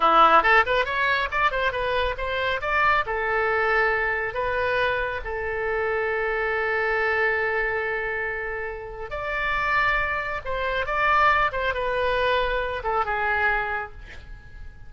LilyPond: \new Staff \with { instrumentName = "oboe" } { \time 4/4 \tempo 4 = 138 e'4 a'8 b'8 cis''4 d''8 c''8 | b'4 c''4 d''4 a'4~ | a'2 b'2 | a'1~ |
a'1~ | a'4 d''2. | c''4 d''4. c''8 b'4~ | b'4. a'8 gis'2 | }